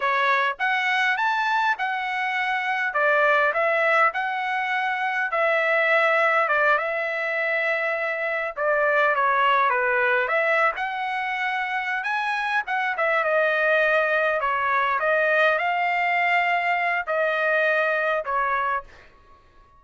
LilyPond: \new Staff \with { instrumentName = "trumpet" } { \time 4/4 \tempo 4 = 102 cis''4 fis''4 a''4 fis''4~ | fis''4 d''4 e''4 fis''4~ | fis''4 e''2 d''8 e''8~ | e''2~ e''8 d''4 cis''8~ |
cis''8 b'4 e''8. fis''4.~ fis''16~ | fis''8 gis''4 fis''8 e''8 dis''4.~ | dis''8 cis''4 dis''4 f''4.~ | f''4 dis''2 cis''4 | }